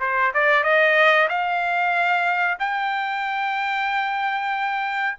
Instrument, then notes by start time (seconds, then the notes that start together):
trumpet
0.00 C5
0.34 D5
0.63 D#5
1.29 F5
2.59 G5